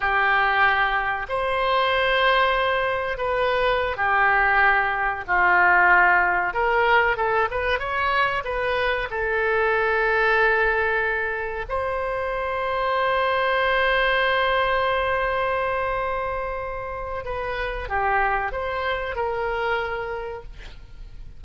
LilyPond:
\new Staff \with { instrumentName = "oboe" } { \time 4/4 \tempo 4 = 94 g'2 c''2~ | c''4 b'4~ b'16 g'4.~ g'16~ | g'16 f'2 ais'4 a'8 b'16~ | b'16 cis''4 b'4 a'4.~ a'16~ |
a'2~ a'16 c''4.~ c''16~ | c''1~ | c''2. b'4 | g'4 c''4 ais'2 | }